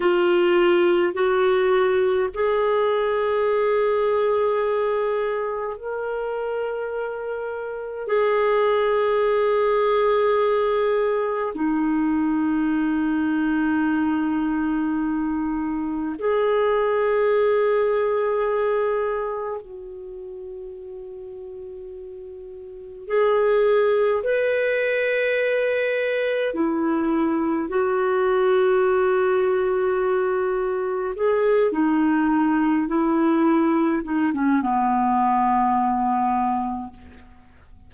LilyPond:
\new Staff \with { instrumentName = "clarinet" } { \time 4/4 \tempo 4 = 52 f'4 fis'4 gis'2~ | gis'4 ais'2 gis'4~ | gis'2 dis'2~ | dis'2 gis'2~ |
gis'4 fis'2. | gis'4 b'2 e'4 | fis'2. gis'8 dis'8~ | dis'8 e'4 dis'16 cis'16 b2 | }